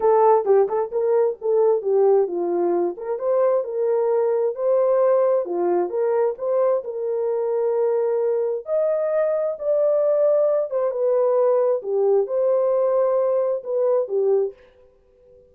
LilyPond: \new Staff \with { instrumentName = "horn" } { \time 4/4 \tempo 4 = 132 a'4 g'8 a'8 ais'4 a'4 | g'4 f'4. ais'8 c''4 | ais'2 c''2 | f'4 ais'4 c''4 ais'4~ |
ais'2. dis''4~ | dis''4 d''2~ d''8 c''8 | b'2 g'4 c''4~ | c''2 b'4 g'4 | }